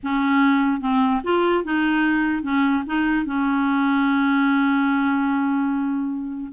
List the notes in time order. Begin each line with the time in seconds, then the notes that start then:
0.03 C#4
0.80 C4
1.23 F4
1.64 D#4
2.42 C#4
2.86 D#4
3.25 C#4